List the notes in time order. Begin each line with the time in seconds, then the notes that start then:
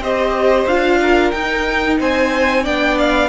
0.00 C4 G4 C5 D#5
0.67 D4 F4 F5
1.02 A#4
1.32 D#4 G5
2.00 C4 C5 G#5
2.64 B3 D4 D5 G5
2.99 F5